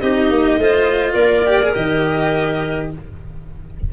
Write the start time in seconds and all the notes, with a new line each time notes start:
0.00 C4 D#4 G4 D#5
0.30 A#3
0.58 A3 F4 C5
1.14 A#3 A#4 D5
1.47 G4
1.62 G#4
1.74 D#3 G4 D#5